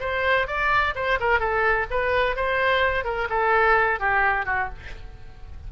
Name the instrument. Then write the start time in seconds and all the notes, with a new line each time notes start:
oboe
0.00 C5
0.47 D5
0.95 C5
1.20 A#4
1.39 A4
1.90 B4
2.36 C5
3.04 A#4
3.29 A4
4.00 G4
4.46 F#4